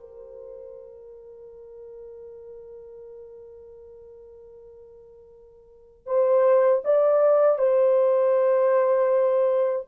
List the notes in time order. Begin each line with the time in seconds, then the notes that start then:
0.00 A#4
6.07 C5
6.85 D5
7.58 C5